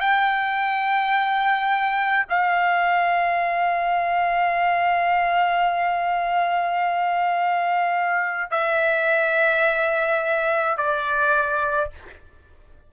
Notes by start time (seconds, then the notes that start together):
0.00 G5
2.30 F5
8.51 E5
10.78 D5